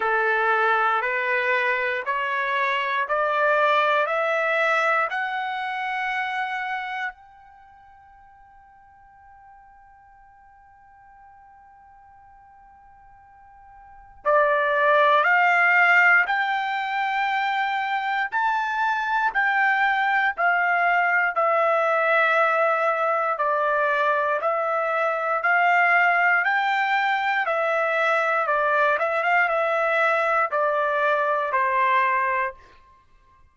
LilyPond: \new Staff \with { instrumentName = "trumpet" } { \time 4/4 \tempo 4 = 59 a'4 b'4 cis''4 d''4 | e''4 fis''2 g''4~ | g''1~ | g''2 d''4 f''4 |
g''2 a''4 g''4 | f''4 e''2 d''4 | e''4 f''4 g''4 e''4 | d''8 e''16 f''16 e''4 d''4 c''4 | }